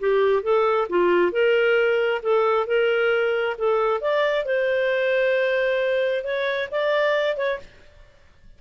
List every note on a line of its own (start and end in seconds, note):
0.00 0.43 G4
0.43 0.88 A4
0.90 1.32 F4
1.32 2.22 A#4
2.23 2.67 A4
2.67 3.57 A#4
3.58 4.01 A4
4.01 4.46 D5
4.46 6.24 C5
6.24 6.69 C#5
6.71 7.37 D5
7.37 7.59 C#5